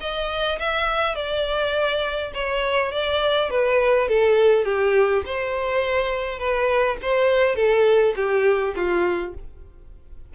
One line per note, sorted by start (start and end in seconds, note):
0.00 0.58 D#5
0.59 1.15 E5
1.15 2.31 D5
2.34 2.91 C#5
2.91 3.50 D5
3.50 4.08 B4
4.08 4.64 A4
4.64 5.22 G4
5.25 6.38 C5
6.38 6.96 B4
7.01 7.55 C5
7.55 8.13 A4
8.16 8.74 G4
8.75 9.33 F4